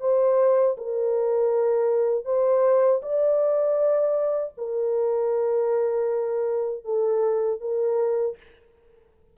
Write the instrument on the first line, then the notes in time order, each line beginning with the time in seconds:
horn
0.00 C5
0.77 A#4
2.24 C5
3.02 D5
4.57 A#4
6.84 A4
7.60 A#4